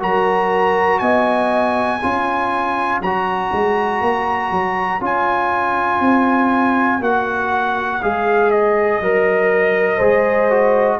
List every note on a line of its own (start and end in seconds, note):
0.00 1.02 F#3
0.00 2.00 F#4
0.00 1.02 A#4
0.00 0.99 A#5
0.99 2.02 B3
0.99 2.02 D#5
0.99 2.99 G#5
2.02 3.01 C#4
2.02 3.02 F4
2.02 9.97 C#5
3.01 3.51 F#3
3.01 5.01 F#4
3.01 5.03 A#5
3.53 4.02 G#3
4.02 4.51 A#3
4.51 5.01 F#3
5.01 6.01 C#4
5.01 7.01 F4
5.01 7.04 G#5
6.01 7.00 C4
7.00 8.00 A#3
7.00 8.01 F#4
7.00 8.03 F#5
8.03 9.01 G#3
8.03 9.03 G#4
8.03 8.51 F5
8.51 11.00 D#5
9.01 10.01 F#3
9.01 10.01 A#4
9.97 11.00 G#3
9.97 10.51 G#4
9.97 10.97 C5
10.51 11.00 F#4